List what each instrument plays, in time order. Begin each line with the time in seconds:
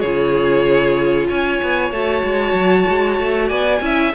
0.00 cello C#3, viola F4, violin G#4 C#5
1.28 cello C#4, violin C#5 G#5
1.62 cello B3
1.91 cello A3, viola F#4, violin A5
2.24 cello G#3
2.53 cello F#3
2.89 cello G#3
3.19 cello A3
3.48 cello B3, violin D5 G#5
3.81 cello C#4, viola E4, violin E5